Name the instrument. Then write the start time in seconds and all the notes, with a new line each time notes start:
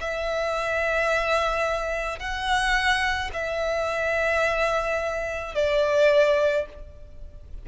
violin
0.00 E5
2.19 F#5
3.33 E5
5.55 D5